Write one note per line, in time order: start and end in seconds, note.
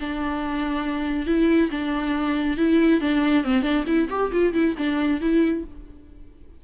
0.00 1.26 D4
1.26 1.70 E4
1.71 2.57 D4
2.57 3.01 E4
3.01 3.44 D4
3.44 3.62 C4
3.62 3.84 D4
3.87 4.08 E4
4.10 4.31 G4
4.32 4.54 F4
4.54 4.75 E4
4.77 5.21 D4
5.21 5.64 E4